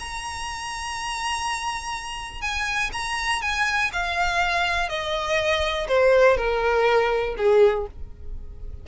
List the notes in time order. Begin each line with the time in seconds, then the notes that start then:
0.00 A#5
2.42 G#5
2.93 A#5
3.42 G#5
3.93 F5
4.89 D#5
5.88 C5
6.38 A#4
7.38 G#4